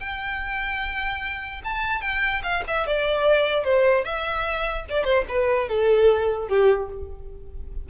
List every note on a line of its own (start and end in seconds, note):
0.00 1.62 G5
1.64 2.02 A5
2.02 2.42 G5
2.43 2.64 F5
2.68 2.87 E5
2.87 3.64 D5
3.64 4.05 C5
4.05 4.86 E5
4.90 5.05 D5
5.05 5.25 C5
5.29 5.69 B4
5.69 6.49 A4
6.49 6.89 G4